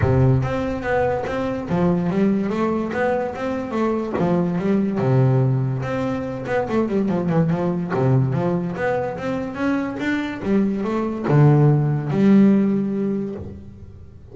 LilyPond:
\new Staff \with { instrumentName = "double bass" } { \time 4/4 \tempo 4 = 144 c4 c'4 b4 c'4 | f4 g4 a4 b4 | c'4 a4 f4 g4 | c2 c'4. b8 |
a8 g8 f8 e8 f4 c4 | f4 b4 c'4 cis'4 | d'4 g4 a4 d4~ | d4 g2. | }